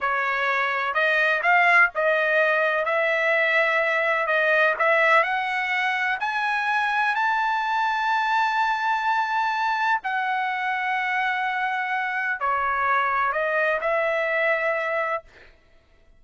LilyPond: \new Staff \with { instrumentName = "trumpet" } { \time 4/4 \tempo 4 = 126 cis''2 dis''4 f''4 | dis''2 e''2~ | e''4 dis''4 e''4 fis''4~ | fis''4 gis''2 a''4~ |
a''1~ | a''4 fis''2.~ | fis''2 cis''2 | dis''4 e''2. | }